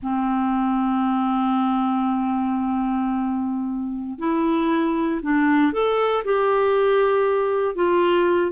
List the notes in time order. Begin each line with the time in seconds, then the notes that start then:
0.02 C4
4.19 E4
5.22 D4
5.72 A4
6.24 G4
7.75 F4